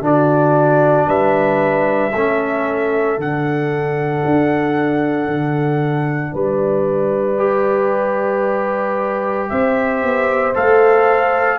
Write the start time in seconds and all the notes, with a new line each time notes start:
0.00 D3 D4 F#4 D5
1.07 G3 B4 E5
2.14 A3 C#4 A4
3.17 D3 D4 F#5
4.25 D4
5.27 D3
6.33 G3 B4 D5
7.37 G4
9.48 C4 C5 E5
10.02 B3
10.54 A3 A4 F5